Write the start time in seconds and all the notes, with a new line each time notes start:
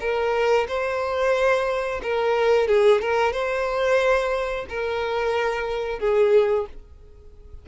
0.00 A#4
0.68 C5
2.02 A#4
2.68 G#4
3.02 A#4
3.32 C5
4.69 A#4
5.99 G#4